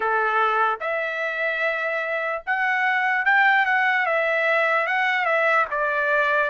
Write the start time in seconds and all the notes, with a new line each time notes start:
0.00 A4
0.80 E5
2.46 F#5
3.25 G5
3.65 F#5
4.06 E5
4.86 F#5
5.25 E5
5.70 D5